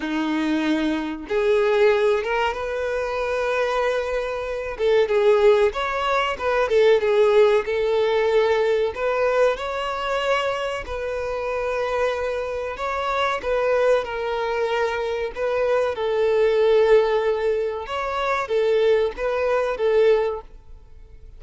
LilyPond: \new Staff \with { instrumentName = "violin" } { \time 4/4 \tempo 4 = 94 dis'2 gis'4. ais'8 | b'2.~ b'8 a'8 | gis'4 cis''4 b'8 a'8 gis'4 | a'2 b'4 cis''4~ |
cis''4 b'2. | cis''4 b'4 ais'2 | b'4 a'2. | cis''4 a'4 b'4 a'4 | }